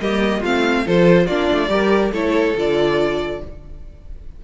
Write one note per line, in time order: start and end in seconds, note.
0.00 0.43 G3
0.00 0.44 A#3
0.00 0.40 G4
0.00 0.43 D#5
0.40 0.85 A3
0.40 0.86 C4
0.40 0.83 F4
0.40 0.87 F5
0.86 1.28 F3
0.86 1.28 F4
0.86 1.26 A4
0.86 1.26 C5
1.26 1.49 A#3
1.26 1.69 D4
1.26 1.68 F4
1.26 2.11 D5
1.52 1.69 A3
1.69 2.11 G3
1.69 2.12 G4
1.69 2.12 A#4
2.12 2.54 A3
2.12 2.56 E4
2.12 3.39 A4
2.12 2.56 C#5
2.56 3.41 D3
2.56 3.42 F4
2.56 3.44 D5